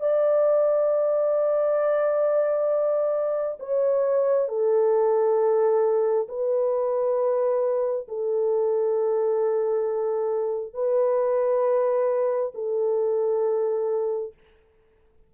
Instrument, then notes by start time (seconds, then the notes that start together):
horn
0.00 D5
3.59 C#5
4.49 A4
6.28 B4
8.08 A4
10.73 B4
12.55 A4